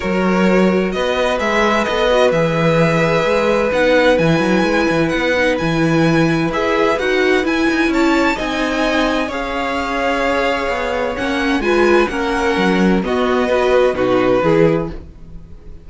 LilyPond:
<<
  \new Staff \with { instrumentName = "violin" } { \time 4/4 \tempo 4 = 129 cis''2 dis''4 e''4 | dis''4 e''2. | fis''4 gis''2 fis''4 | gis''2 e''4 fis''4 |
gis''4 a''4 gis''2 | f''1 | fis''4 gis''4 fis''2 | dis''2 b'2 | }
  \new Staff \with { instrumentName = "violin" } { \time 4/4 ais'2 b'2~ | b'1~ | b'1~ | b'1~ |
b'4 cis''4 dis''2 | cis''1~ | cis''4 b'4 ais'2 | fis'4 b'4 fis'4 gis'4 | }
  \new Staff \with { instrumentName = "viola" } { \time 4/4 fis'2. gis'4 | a'8 fis'8 gis'2. | dis'4 e'2~ e'8 dis'8 | e'2 gis'4 fis'4 |
e'2 dis'2 | gis'1 | cis'4 f'4 cis'2 | b4 fis'4 dis'4 e'4 | }
  \new Staff \with { instrumentName = "cello" } { \time 4/4 fis2 b4 gis4 | b4 e2 gis4 | b4 e8 fis8 gis8 e8 b4 | e2 e'4 dis'4 |
e'8 dis'8 cis'4 c'2 | cis'2. b4 | ais4 gis4 ais4 fis4 | b2 b,4 e4 | }
>>